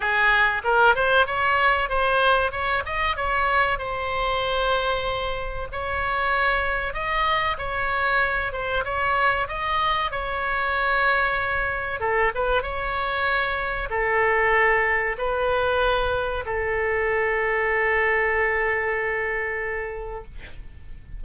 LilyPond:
\new Staff \with { instrumentName = "oboe" } { \time 4/4 \tempo 4 = 95 gis'4 ais'8 c''8 cis''4 c''4 | cis''8 dis''8 cis''4 c''2~ | c''4 cis''2 dis''4 | cis''4. c''8 cis''4 dis''4 |
cis''2. a'8 b'8 | cis''2 a'2 | b'2 a'2~ | a'1 | }